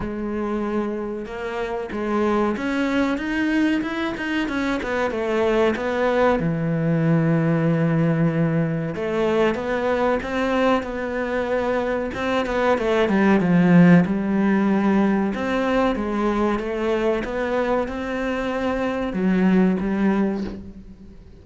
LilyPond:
\new Staff \with { instrumentName = "cello" } { \time 4/4 \tempo 4 = 94 gis2 ais4 gis4 | cis'4 dis'4 e'8 dis'8 cis'8 b8 | a4 b4 e2~ | e2 a4 b4 |
c'4 b2 c'8 b8 | a8 g8 f4 g2 | c'4 gis4 a4 b4 | c'2 fis4 g4 | }